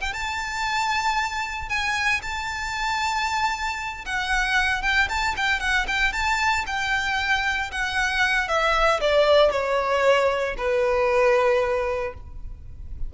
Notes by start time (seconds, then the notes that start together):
0.00 G5
0.13 A5
1.69 G#5
2.22 A5
4.05 F#5
4.82 G5
5.08 A5
5.36 G5
5.59 F#5
5.87 G5
6.12 A5
6.66 G5
7.71 F#5
8.48 E5
9.00 D5
9.51 C#5
10.57 B4